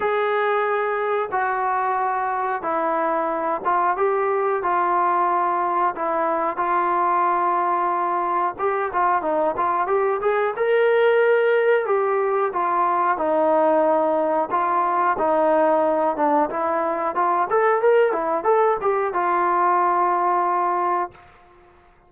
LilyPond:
\new Staff \with { instrumentName = "trombone" } { \time 4/4 \tempo 4 = 91 gis'2 fis'2 | e'4. f'8 g'4 f'4~ | f'4 e'4 f'2~ | f'4 g'8 f'8 dis'8 f'8 g'8 gis'8 |
ais'2 g'4 f'4 | dis'2 f'4 dis'4~ | dis'8 d'8 e'4 f'8 a'8 ais'8 e'8 | a'8 g'8 f'2. | }